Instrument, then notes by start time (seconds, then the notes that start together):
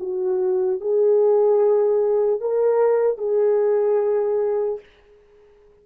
horn
0.00 F#4
0.81 G#4
2.41 A#4
3.18 G#4